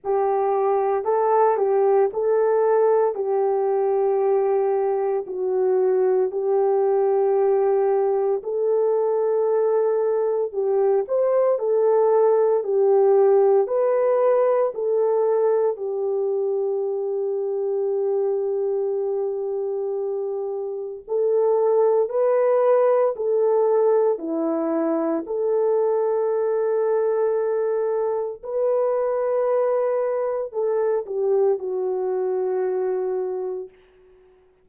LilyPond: \new Staff \with { instrumentName = "horn" } { \time 4/4 \tempo 4 = 57 g'4 a'8 g'8 a'4 g'4~ | g'4 fis'4 g'2 | a'2 g'8 c''8 a'4 | g'4 b'4 a'4 g'4~ |
g'1 | a'4 b'4 a'4 e'4 | a'2. b'4~ | b'4 a'8 g'8 fis'2 | }